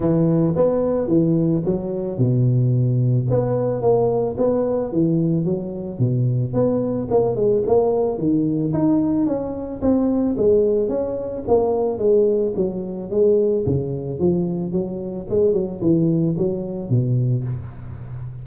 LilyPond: \new Staff \with { instrumentName = "tuba" } { \time 4/4 \tempo 4 = 110 e4 b4 e4 fis4 | b,2 b4 ais4 | b4 e4 fis4 b,4 | b4 ais8 gis8 ais4 dis4 |
dis'4 cis'4 c'4 gis4 | cis'4 ais4 gis4 fis4 | gis4 cis4 f4 fis4 | gis8 fis8 e4 fis4 b,4 | }